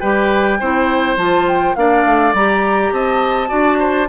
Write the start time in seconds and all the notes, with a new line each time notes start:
0.00 G3 G4 B4 G5
0.60 C4 E4 C5
1.17 F3 F4 A5
1.48 G5
1.75 A#3 D4 D5 F5
2.06 A3
2.33 G3 G4 A#5
2.92 C4 D#5 A5
3.48 D4 F#4 D5
3.79 C5